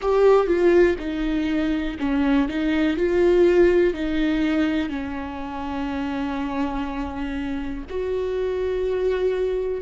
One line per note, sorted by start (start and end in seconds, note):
0.01 0.46 G4
0.46 0.96 F4
0.98 1.97 D#4
1.99 2.48 C#4
2.48 2.96 D#4
2.96 3.93 F4
3.93 4.89 D#4
4.89 7.84 C#4
7.89 9.81 F#4